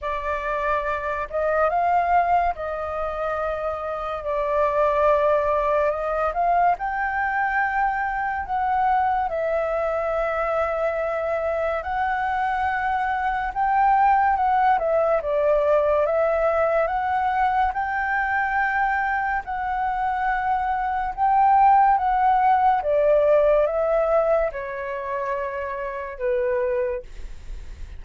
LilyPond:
\new Staff \with { instrumentName = "flute" } { \time 4/4 \tempo 4 = 71 d''4. dis''8 f''4 dis''4~ | dis''4 d''2 dis''8 f''8 | g''2 fis''4 e''4~ | e''2 fis''2 |
g''4 fis''8 e''8 d''4 e''4 | fis''4 g''2 fis''4~ | fis''4 g''4 fis''4 d''4 | e''4 cis''2 b'4 | }